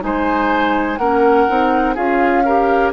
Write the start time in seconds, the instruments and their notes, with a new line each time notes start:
0.00 bassoon G#3, clarinet D#4, oboe C5, flute G#5
0.97 bassoon A#3, clarinet C#4, oboe A#4, flute F#5
1.48 bassoon C4, clarinet D#4
1.94 bassoon C#4, clarinet F4, oboe G#4, flute F5
2.45 clarinet G4, oboe A#4